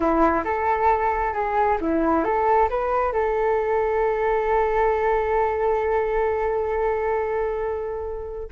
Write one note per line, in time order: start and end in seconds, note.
0.00 0.43 E4
0.44 1.33 A4
1.33 1.78 G#4
1.81 2.24 E4
2.24 2.69 A4
2.69 3.12 B4
3.12 8.49 A4